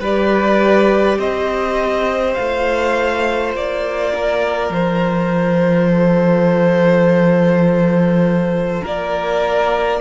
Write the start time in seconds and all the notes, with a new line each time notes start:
0.00 G3 G4 B4 D5
1.18 C4 C5 D#5
2.34 A3 F4 F5
3.55 A#3 D5
4.14 A#4
4.69 F3 C5
5.89 A4
8.83 A#3 A#4 D5